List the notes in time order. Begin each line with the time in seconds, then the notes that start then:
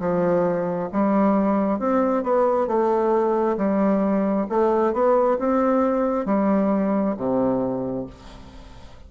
0.00 F3
0.93 G3
1.80 C4
2.23 B3
2.67 A3
3.58 G3
4.49 A3
4.93 B3
5.39 C4
6.26 G3
7.17 C3